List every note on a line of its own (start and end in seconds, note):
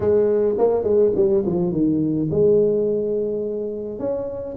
0.00 0.55 G#3
0.58 0.83 A#3
0.83 1.12 G#3
1.15 1.44 G3
1.46 1.72 F3
1.72 2.29 D#3
2.30 3.99 G#3
3.99 4.56 C#4